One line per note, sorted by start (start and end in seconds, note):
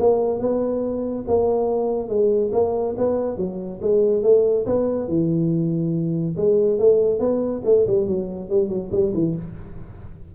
0.00 0.40 A#3
0.40 1.25 B3
1.28 2.09 A#3
2.09 2.52 G#3
2.53 2.95 A#3
2.98 3.38 B3
3.38 3.80 F#3
3.82 4.23 G#3
4.23 4.66 A3
4.66 5.08 B3
5.08 6.36 E3
6.37 6.79 G#3
6.79 7.20 A3
7.20 7.62 B3
7.65 7.87 A3
7.87 8.07 G3
8.07 8.50 F#3
8.50 8.69 G3
8.69 8.91 F#3
8.92 9.13 G3
9.14 9.36 E3